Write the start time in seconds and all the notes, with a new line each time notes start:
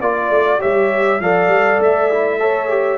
0.00 A#3 F4 D5
0.29 A3
0.59 G3 G4 C#5 E5
1.20 F3 A4 D5 F5
1.48 G3
1.79 A3 E5
2.11 E4
2.40 A4 C#5
2.69 G4